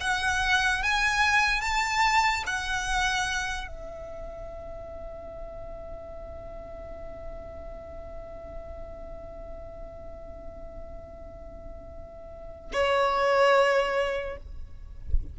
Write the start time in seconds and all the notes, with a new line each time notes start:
0.00 F#5
0.83 G#5
1.61 A5
2.46 F#5
3.67 E5
12.72 C#5